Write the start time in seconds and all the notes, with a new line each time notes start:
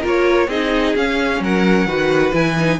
0.00 A#3 F4 A#4
0.07 C#5
0.47 C4 D#4 G#4 D#5
0.95 C#4 F5
1.40 F#3 A#4 F#5
1.85 D#3 F#4 B4
2.32 E3 E4 G#5
2.58 D#4